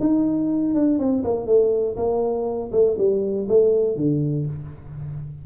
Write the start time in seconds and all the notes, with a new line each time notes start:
0.00 D#4
0.74 D4
0.99 C4
1.24 A#3
1.46 A3
1.96 A#3
2.72 A3
2.98 G3
3.48 A3
3.96 D3